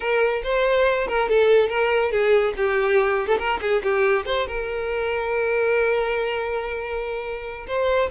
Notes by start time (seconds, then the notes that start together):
0.00 A#4
0.43 C5
1.07 A#4
1.28 A4
1.68 A#4
2.11 G#4
2.56 G4
3.27 A4
3.38 A#4
3.61 G#4
3.83 G4
4.25 C5
4.47 A#4
7.67 C5